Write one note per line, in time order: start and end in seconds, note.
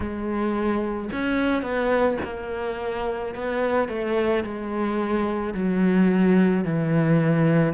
0.00 1.10 G#3
1.12 1.62 C#4
1.62 2.17 B3
2.24 3.34 A#3
3.34 3.88 B3
3.88 4.43 A3
4.44 5.54 G#3
5.54 6.64 F#3
6.64 7.73 E3